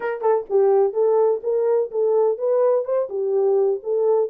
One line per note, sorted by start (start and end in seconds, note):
0.00 0.21 A#4
0.21 0.45 A4
0.49 0.93 G4
0.93 1.40 A4
1.43 1.90 A#4
1.91 2.38 A4
2.38 2.84 B4
2.84 3.08 C5
3.09 3.80 G4
3.83 4.29 A4